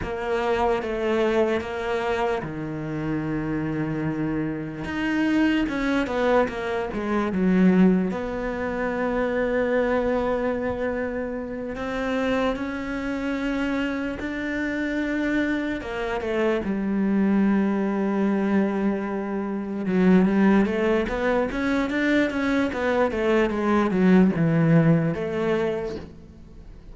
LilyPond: \new Staff \with { instrumentName = "cello" } { \time 4/4 \tempo 4 = 74 ais4 a4 ais4 dis4~ | dis2 dis'4 cis'8 b8 | ais8 gis8 fis4 b2~ | b2~ b8 c'4 cis'8~ |
cis'4. d'2 ais8 | a8 g2.~ g8~ | g8 fis8 g8 a8 b8 cis'8 d'8 cis'8 | b8 a8 gis8 fis8 e4 a4 | }